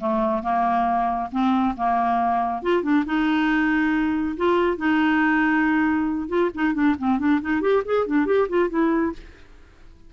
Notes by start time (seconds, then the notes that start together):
0.00 A3
0.43 A#3
1.32 C4
1.77 A#3
2.62 F4
2.83 D4
3.06 D#4
4.37 F4
4.77 D#4
6.29 F4
6.54 D#4
6.74 D4
6.99 C4
7.19 D4
7.41 D#4
7.61 G4
7.85 G#4
8.07 D4
8.26 G4
8.49 F4
8.69 E4